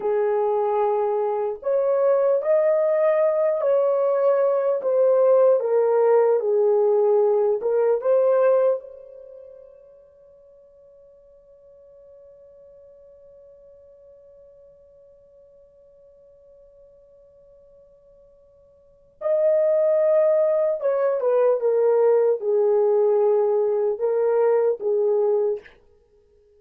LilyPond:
\new Staff \with { instrumentName = "horn" } { \time 4/4 \tempo 4 = 75 gis'2 cis''4 dis''4~ | dis''8 cis''4. c''4 ais'4 | gis'4. ais'8 c''4 cis''4~ | cis''1~ |
cis''1~ | cis''1 | dis''2 cis''8 b'8 ais'4 | gis'2 ais'4 gis'4 | }